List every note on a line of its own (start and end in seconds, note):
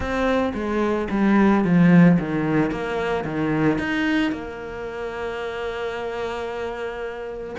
0.00 0.53 C4
0.54 1.08 G#3
1.10 1.64 G3
1.64 2.18 F3
2.19 2.71 D#3
2.71 3.24 A#3
3.24 3.78 D#3
3.78 4.31 D#4
4.31 7.56 A#3